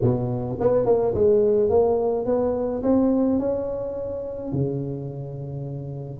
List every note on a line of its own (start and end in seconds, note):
0.01 0.58 B2
0.59 0.85 B3
0.85 1.13 A#3
1.14 1.69 G#3
1.69 2.25 A#3
2.25 2.82 B3
2.83 3.39 C4
3.39 4.52 C#4
4.52 6.20 C#3